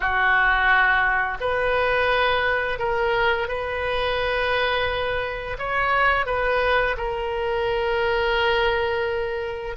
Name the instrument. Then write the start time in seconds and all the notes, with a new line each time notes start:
oboe
0.00 F#4
1.40 B4
2.78 A#4
3.48 B4
5.58 C#5
6.26 B4
6.97 A#4